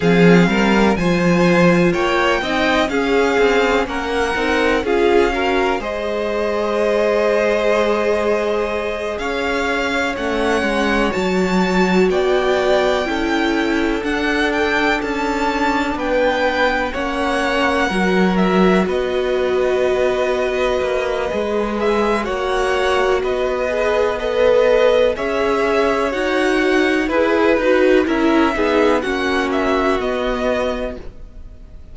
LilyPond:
<<
  \new Staff \with { instrumentName = "violin" } { \time 4/4 \tempo 4 = 62 f''4 gis''4 g''4 f''4 | fis''4 f''4 dis''2~ | dis''4. f''4 fis''4 a''8~ | a''8 g''2 fis''8 g''8 a''8~ |
a''8 g''4 fis''4. e''8 dis''8~ | dis''2~ dis''8 e''8 fis''4 | dis''4 b'4 e''4 fis''4 | b'4 e''4 fis''8 e''8 dis''4 | }
  \new Staff \with { instrumentName = "violin" } { \time 4/4 gis'8 ais'8 c''4 cis''8 dis''8 gis'4 | ais'4 gis'8 ais'8 c''2~ | c''4. cis''2~ cis''8~ | cis''8 d''4 a'2~ a'8~ |
a'8 b'4 cis''4 ais'4 b'8~ | b'2. cis''4 | b'4 dis''4 cis''2 | b'4 ais'8 gis'8 fis'2 | }
  \new Staff \with { instrumentName = "viola" } { \time 4/4 c'4 f'4. dis'8 cis'4~ | cis'8 dis'8 f'8 fis'8 gis'2~ | gis'2~ gis'8 cis'4 fis'8~ | fis'4. e'4 d'4.~ |
d'4. cis'4 fis'4.~ | fis'2 gis'4 fis'4~ | fis'8 gis'8 a'4 gis'4 fis'4 | gis'8 fis'8 e'8 dis'8 cis'4 b4 | }
  \new Staff \with { instrumentName = "cello" } { \time 4/4 f8 g8 f4 ais8 c'8 cis'8 c'8 | ais8 c'8 cis'4 gis2~ | gis4. cis'4 a8 gis8 fis8~ | fis8 b4 cis'4 d'4 cis'8~ |
cis'8 b4 ais4 fis4 b8~ | b4. ais8 gis4 ais4 | b2 cis'4 dis'4 | e'8 dis'8 cis'8 b8 ais4 b4 | }
>>